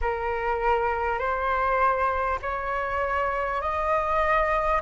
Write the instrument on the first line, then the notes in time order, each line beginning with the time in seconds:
flute
0.01 A#4
1.18 C5
2.42 C#5
3.61 D#5